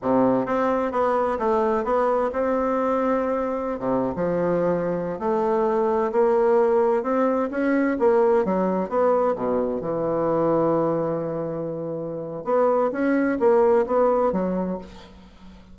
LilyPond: \new Staff \with { instrumentName = "bassoon" } { \time 4/4 \tempo 4 = 130 c4 c'4 b4 a4 | b4 c'2.~ | c'16 c8. f2~ f16 a8.~ | a4~ a16 ais2 c'8.~ |
c'16 cis'4 ais4 fis4 b8.~ | b16 b,4 e2~ e8.~ | e2. b4 | cis'4 ais4 b4 fis4 | }